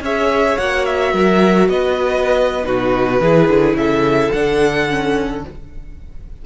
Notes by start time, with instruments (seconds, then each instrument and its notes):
0.00 cello C#4, viola G#4, violin C#5 E5
0.57 cello A#3, viola F#4, violin F#5
0.85 violin E5
1.13 cello F#3, violin A#4
1.67 cello B3, violin B4 D#5
2.63 cello B2, viola D#4, violin F#4 B4
3.20 cello E3, viola E4, violin G#4
3.48 cello D3
3.73 cello C#3, violin A4 E5
4.31 cello D3, viola D4, violin F#5
4.89 viola C#4